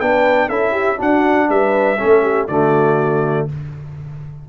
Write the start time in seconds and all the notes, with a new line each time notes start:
0.00 B3 D4 B4 G5
0.48 C#4 E4 A4 E5
0.71 G4
0.97 D4 F#4 F#5
1.49 G3 B4 E5
1.98 A3 C#4 A4
2.22 G4
2.47 D3 A3 F#4 D5